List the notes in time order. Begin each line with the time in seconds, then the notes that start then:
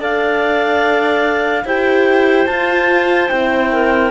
0.00 D4 A4 D5 F5
1.65 E4 G4 C5 G5
2.47 F4 A5
3.29 C4 E4 G5
3.72 A#4